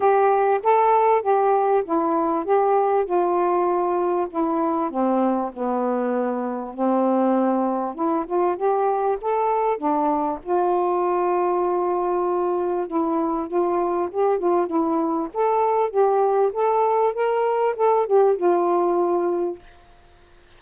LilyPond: \new Staff \with { instrumentName = "saxophone" } { \time 4/4 \tempo 4 = 98 g'4 a'4 g'4 e'4 | g'4 f'2 e'4 | c'4 b2 c'4~ | c'4 e'8 f'8 g'4 a'4 |
d'4 f'2.~ | f'4 e'4 f'4 g'8 f'8 | e'4 a'4 g'4 a'4 | ais'4 a'8 g'8 f'2 | }